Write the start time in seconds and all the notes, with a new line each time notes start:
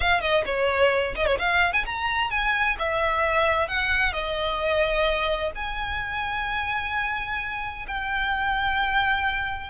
0.00 F5
0.21 D#5
0.45 C#5
1.15 D#5
1.26 C#5
1.38 F5
1.73 G#5
1.85 A#5
2.30 G#5
2.79 E5
3.68 F#5
4.12 D#5
5.55 G#5
7.87 G5